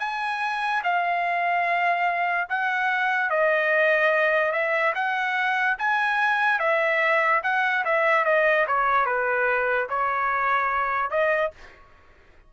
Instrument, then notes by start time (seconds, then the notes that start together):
trumpet
0.00 G#5
0.84 F5
2.50 F#5
3.30 D#5
4.52 E5
4.95 F#5
5.79 G#5
6.60 E5
7.43 F#5
7.85 E5
8.25 D#5
8.67 C#5
9.06 B4
9.90 C#5
11.11 D#5